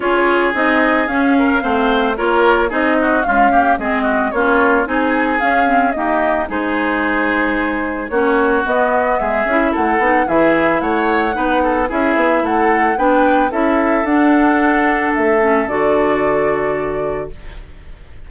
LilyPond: <<
  \new Staff \with { instrumentName = "flute" } { \time 4/4 \tempo 4 = 111 cis''4 dis''4 f''2 | cis''4 dis''4 f''4 dis''4 | cis''4 gis''4 f''4 dis''4 | c''2. cis''4 |
dis''4 e''4 fis''4 e''4 | fis''2 e''4 fis''4 | g''4 e''4 fis''2 | e''4 d''2. | }
  \new Staff \with { instrumentName = "oboe" } { \time 4/4 gis'2~ gis'8 ais'8 c''4 | ais'4 gis'8 fis'8 f'8 g'8 gis'8 fis'8 | f'4 gis'2 g'4 | gis'2. fis'4~ |
fis'4 gis'4 a'4 gis'4 | cis''4 b'8 a'8 gis'4 a'4 | b'4 a'2.~ | a'1 | }
  \new Staff \with { instrumentName = "clarinet" } { \time 4/4 f'4 dis'4 cis'4 c'4 | f'4 dis'4 gis8 ais8 c'4 | cis'4 dis'4 cis'8 c'8 ais4 | dis'2. cis'4 |
b4. e'4 dis'8 e'4~ | e'4 dis'4 e'2 | d'4 e'4 d'2~ | d'8 cis'8 fis'2. | }
  \new Staff \with { instrumentName = "bassoon" } { \time 4/4 cis'4 c'4 cis'4 a4 | ais4 c'4 cis'4 gis4 | ais4 c'4 cis'4 dis'4 | gis2. ais4 |
b4 gis8 cis'8 a8 b8 e4 | a4 b4 cis'8 b8 a4 | b4 cis'4 d'2 | a4 d2. | }
>>